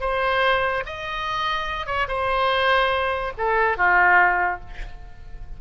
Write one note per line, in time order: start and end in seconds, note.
0.00 0.83 C5
0.86 1.86 D#5
1.86 2.07 C#5
2.08 3.33 C5
3.37 3.77 A4
3.77 4.60 F4